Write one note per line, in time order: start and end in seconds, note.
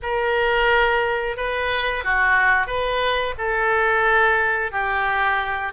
0.02 1.37 A#4
1.37 2.04 B4
2.04 2.67 F#4
2.67 3.34 B4
3.37 4.71 A4
4.71 5.72 G4